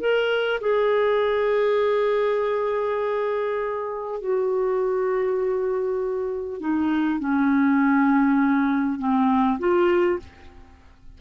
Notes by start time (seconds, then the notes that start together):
0.00 A#4
0.61 G#4
4.21 F#4
6.60 D#4
7.20 C#4
8.99 C4
9.59 F4